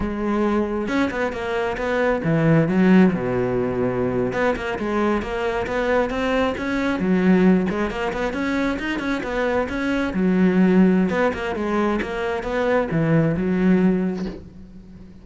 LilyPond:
\new Staff \with { instrumentName = "cello" } { \time 4/4 \tempo 4 = 135 gis2 cis'8 b8 ais4 | b4 e4 fis4 b,4~ | b,4.~ b,16 b8 ais8 gis4 ais16~ | ais8. b4 c'4 cis'4 fis16~ |
fis4~ fis16 gis8 ais8 b8 cis'4 dis'16~ | dis'16 cis'8 b4 cis'4 fis4~ fis16~ | fis4 b8 ais8 gis4 ais4 | b4 e4 fis2 | }